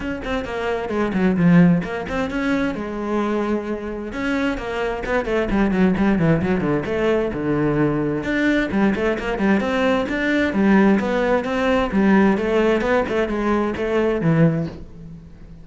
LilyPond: \new Staff \with { instrumentName = "cello" } { \time 4/4 \tempo 4 = 131 cis'8 c'8 ais4 gis8 fis8 f4 | ais8 c'8 cis'4 gis2~ | gis4 cis'4 ais4 b8 a8 | g8 fis8 g8 e8 fis8 d8 a4 |
d2 d'4 g8 a8 | ais8 g8 c'4 d'4 g4 | b4 c'4 g4 a4 | b8 a8 gis4 a4 e4 | }